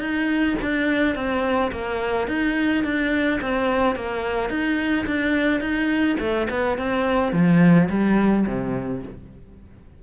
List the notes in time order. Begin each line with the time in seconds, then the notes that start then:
0.00 D#4
0.62 D4
1.15 C4
1.72 A#3
2.28 D#4
2.84 D4
3.41 C4
3.96 A#3
4.50 D#4
5.07 D4
5.60 D#4
6.20 A3
6.50 B3
6.78 C4
7.33 F3
7.90 G3
8.47 C3